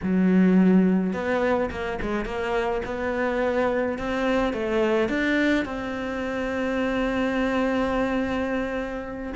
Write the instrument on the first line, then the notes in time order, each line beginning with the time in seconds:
cello
0.03 F#3
1.13 B3
1.70 A#3
2.01 G#3
2.25 A#3
2.85 B3
3.98 C4
4.53 A3
5.08 D4
5.64 C4